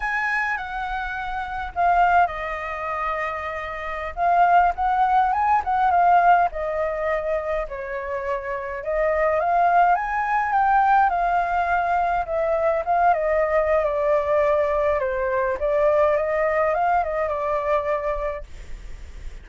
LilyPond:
\new Staff \with { instrumentName = "flute" } { \time 4/4 \tempo 4 = 104 gis''4 fis''2 f''4 | dis''2.~ dis''16 f''8.~ | f''16 fis''4 gis''8 fis''8 f''4 dis''8.~ | dis''4~ dis''16 cis''2 dis''8.~ |
dis''16 f''4 gis''4 g''4 f''8.~ | f''4~ f''16 e''4 f''8 dis''4~ dis''16 | d''2 c''4 d''4 | dis''4 f''8 dis''8 d''2 | }